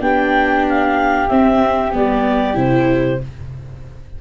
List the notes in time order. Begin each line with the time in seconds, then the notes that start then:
0.00 B3 D4 G4 G5
0.69 F5
1.28 C4 E5
1.92 G3 B3 D5
2.54 C3 E4 C5